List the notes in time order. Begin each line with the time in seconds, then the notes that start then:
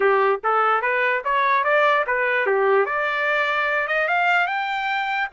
0.00 G4
0.43 A4
0.81 B4
1.24 C#5
1.64 D5
2.06 B4
2.46 G4
2.85 D5
3.87 D#5
4.08 F5
4.46 G5